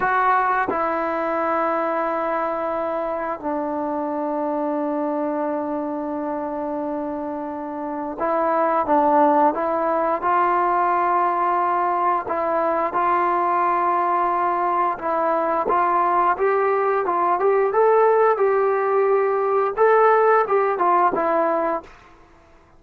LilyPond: \new Staff \with { instrumentName = "trombone" } { \time 4/4 \tempo 4 = 88 fis'4 e'2.~ | e'4 d'2.~ | d'1 | e'4 d'4 e'4 f'4~ |
f'2 e'4 f'4~ | f'2 e'4 f'4 | g'4 f'8 g'8 a'4 g'4~ | g'4 a'4 g'8 f'8 e'4 | }